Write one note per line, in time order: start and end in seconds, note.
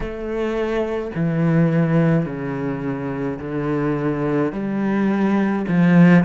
0.00 1.11 A3
1.15 2.25 E3
2.25 3.39 C#3
3.39 4.52 D3
4.52 5.66 G3
5.68 6.24 F3